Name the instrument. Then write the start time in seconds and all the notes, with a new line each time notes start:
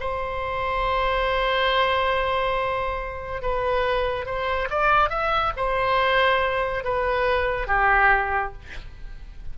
oboe
0.00 C5
3.42 B4
4.25 C5
4.70 D5
5.10 E5
5.56 C5
6.84 B4
7.67 G4